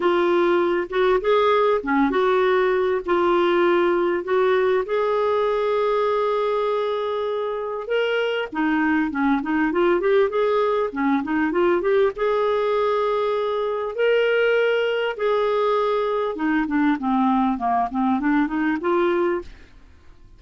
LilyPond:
\new Staff \with { instrumentName = "clarinet" } { \time 4/4 \tempo 4 = 99 f'4. fis'8 gis'4 cis'8 fis'8~ | fis'4 f'2 fis'4 | gis'1~ | gis'4 ais'4 dis'4 cis'8 dis'8 |
f'8 g'8 gis'4 cis'8 dis'8 f'8 g'8 | gis'2. ais'4~ | ais'4 gis'2 dis'8 d'8 | c'4 ais8 c'8 d'8 dis'8 f'4 | }